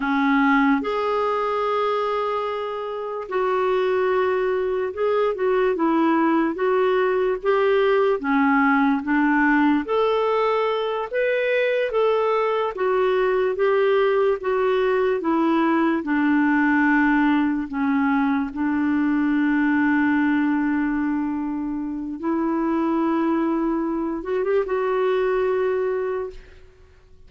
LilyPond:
\new Staff \with { instrumentName = "clarinet" } { \time 4/4 \tempo 4 = 73 cis'4 gis'2. | fis'2 gis'8 fis'8 e'4 | fis'4 g'4 cis'4 d'4 | a'4. b'4 a'4 fis'8~ |
fis'8 g'4 fis'4 e'4 d'8~ | d'4. cis'4 d'4.~ | d'2. e'4~ | e'4. fis'16 g'16 fis'2 | }